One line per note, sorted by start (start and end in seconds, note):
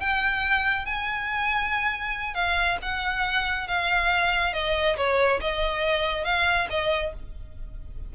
0.00 0.86 G5
0.86 2.35 G#5
2.35 2.78 F5
2.82 3.68 F#5
3.68 4.53 F5
4.53 4.97 D#5
4.97 5.40 C#5
5.41 6.25 D#5
6.25 6.68 F5
6.70 7.13 D#5